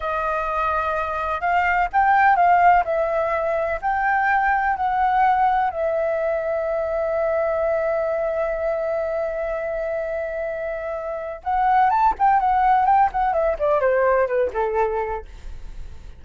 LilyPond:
\new Staff \with { instrumentName = "flute" } { \time 4/4 \tempo 4 = 126 dis''2. f''4 | g''4 f''4 e''2 | g''2 fis''2 | e''1~ |
e''1~ | e''1 | fis''4 a''8 g''8 fis''4 g''8 fis''8 | e''8 d''8 c''4 b'8 a'4. | }